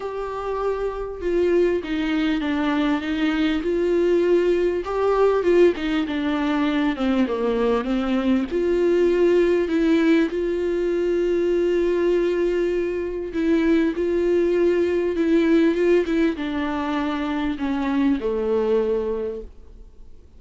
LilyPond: \new Staff \with { instrumentName = "viola" } { \time 4/4 \tempo 4 = 99 g'2 f'4 dis'4 | d'4 dis'4 f'2 | g'4 f'8 dis'8 d'4. c'8 | ais4 c'4 f'2 |
e'4 f'2.~ | f'2 e'4 f'4~ | f'4 e'4 f'8 e'8 d'4~ | d'4 cis'4 a2 | }